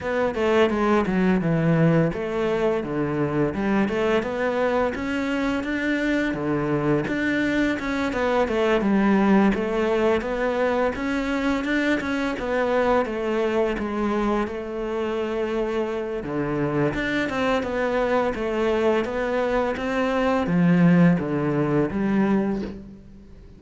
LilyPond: \new Staff \with { instrumentName = "cello" } { \time 4/4 \tempo 4 = 85 b8 a8 gis8 fis8 e4 a4 | d4 g8 a8 b4 cis'4 | d'4 d4 d'4 cis'8 b8 | a8 g4 a4 b4 cis'8~ |
cis'8 d'8 cis'8 b4 a4 gis8~ | gis8 a2~ a8 d4 | d'8 c'8 b4 a4 b4 | c'4 f4 d4 g4 | }